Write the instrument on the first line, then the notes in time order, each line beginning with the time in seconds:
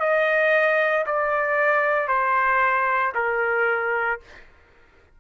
trumpet
0.00 D#5
1.06 D5
2.08 C5
3.15 A#4